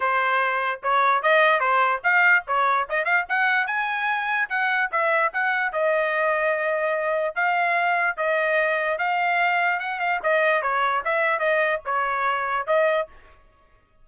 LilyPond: \new Staff \with { instrumentName = "trumpet" } { \time 4/4 \tempo 4 = 147 c''2 cis''4 dis''4 | c''4 f''4 cis''4 dis''8 f''8 | fis''4 gis''2 fis''4 | e''4 fis''4 dis''2~ |
dis''2 f''2 | dis''2 f''2 | fis''8 f''8 dis''4 cis''4 e''4 | dis''4 cis''2 dis''4 | }